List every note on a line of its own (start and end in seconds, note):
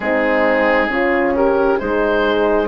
0.00 0.89 G#3
0.00 0.87 C4
0.00 0.91 D#4
0.00 1.33 G#4
0.87 1.78 C#3
0.87 1.77 C#4
0.87 1.36 F4
1.36 1.79 G4
1.36 1.79 A#4
1.79 2.68 G#3
1.79 2.68 D#4
1.79 2.68 G#4
1.79 2.68 C5